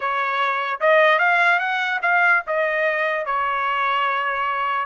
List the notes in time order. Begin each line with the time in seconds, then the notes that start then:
0.00 C#5
0.80 D#5
1.18 F5
1.59 F#5
2.02 F5
2.47 D#5
3.25 C#5